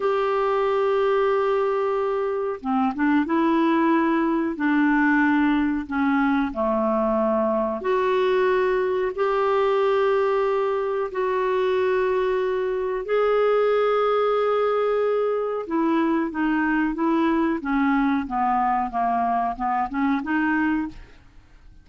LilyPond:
\new Staff \with { instrumentName = "clarinet" } { \time 4/4 \tempo 4 = 92 g'1 | c'8 d'8 e'2 d'4~ | d'4 cis'4 a2 | fis'2 g'2~ |
g'4 fis'2. | gis'1 | e'4 dis'4 e'4 cis'4 | b4 ais4 b8 cis'8 dis'4 | }